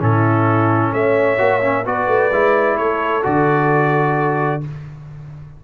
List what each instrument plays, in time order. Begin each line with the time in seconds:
0.00 tuba A2, trombone C#4, horn E4, trumpet A4
0.93 tuba A3, horn C#5, trumpet E5
1.38 tuba A#3, trombone F#4
1.62 trombone C#4
1.86 tuba B3, trombone F#4, horn B4, trumpet D5
2.08 tuba A3
2.32 tuba G#3, trombone E4
2.78 tuba A3, horn A4, trumpet C#5
3.23 tuba D3, trombone F#4, trumpet D5